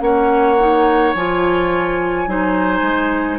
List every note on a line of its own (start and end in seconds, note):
0.00 1.14 A#3
0.00 0.58 C#4
0.00 2.29 C#5
0.00 1.13 F#5
0.58 1.15 D#4
1.14 2.27 F3
1.14 2.27 F4
1.14 3.39 G#5
2.27 2.81 F#3
2.27 3.39 D#4
2.27 3.39 C5
2.81 3.38 G#3